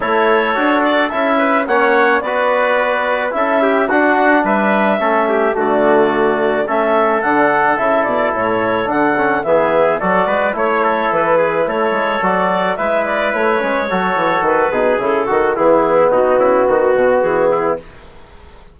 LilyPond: <<
  \new Staff \with { instrumentName = "clarinet" } { \time 4/4 \tempo 4 = 108 cis''4. d''8 e''4 fis''4 | d''2 e''4 fis''4 | e''2 d''2 | e''4 fis''4 e''8 d''8 cis''4 |
fis''4 e''4 d''4 cis''4 | b'4 cis''4 d''4 e''8 d''8 | cis''2 b'4 a'4 | gis'4 fis'2 gis'4 | }
  \new Staff \with { instrumentName = "trumpet" } { \time 4/4 a'2~ a'8 b'8 cis''4 | b'2 a'8 g'8 fis'4 | b'4 a'8 g'8 fis'2 | a'1~ |
a'4 gis'4 a'8 b'8 cis''8 a'8~ | a'8 gis'8 a'2 b'4~ | b'4 a'4. gis'4 fis'8 | e'4 dis'8 e'8 fis'4. e'8 | }
  \new Staff \with { instrumentName = "trombone" } { \time 4/4 e'4 fis'4 e'4 cis'4 | fis'2 e'4 d'4~ | d'4 cis'4 a2 | cis'4 d'4 e'2 |
d'8 cis'8 b4 fis'4 e'4~ | e'2 fis'4 e'4~ | e'8 cis'8 fis'4. dis'8 e'8 fis'8 | b1 | }
  \new Staff \with { instrumentName = "bassoon" } { \time 4/4 a4 d'4 cis'4 ais4 | b2 cis'4 d'4 | g4 a4 d2 | a4 d4 cis8 b,8 a,4 |
d4 e4 fis8 gis8 a4 | e4 a8 gis8 fis4 gis4 | a8 gis8 fis8 e8 dis8 b,8 cis8 dis8 | e4 b,8 cis8 dis8 b,8 e4 | }
>>